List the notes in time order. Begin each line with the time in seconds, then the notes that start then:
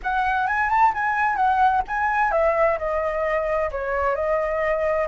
0.02 F#5
0.47 G#5
0.69 A5
0.93 G#5
1.36 F#5
1.87 G#5
2.31 E5
2.78 D#5
3.71 C#5
4.15 D#5